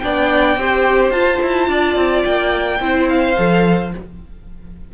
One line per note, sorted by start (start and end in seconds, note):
0.00 0.57 B3
0.00 0.58 D4
0.00 0.59 D5
0.00 1.11 G5
0.57 1.11 C4
0.57 1.13 G4
0.57 1.70 C5
1.11 1.39 F4
1.11 2.79 F4
1.11 2.22 A5
1.42 1.68 E4
1.68 1.95 D4
1.68 2.81 D5
1.96 2.23 C4
2.25 2.80 A#3
2.25 3.08 G5
2.80 3.36 C4
2.80 3.36 E4
2.80 3.94 C5
3.09 3.92 F5
3.36 3.94 F3
3.36 3.92 A4